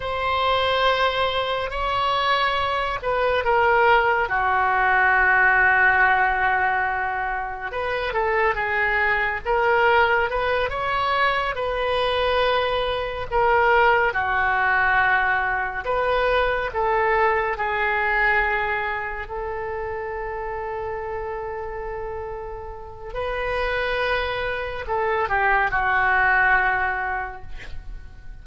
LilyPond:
\new Staff \with { instrumentName = "oboe" } { \time 4/4 \tempo 4 = 70 c''2 cis''4. b'8 | ais'4 fis'2.~ | fis'4 b'8 a'8 gis'4 ais'4 | b'8 cis''4 b'2 ais'8~ |
ais'8 fis'2 b'4 a'8~ | a'8 gis'2 a'4.~ | a'2. b'4~ | b'4 a'8 g'8 fis'2 | }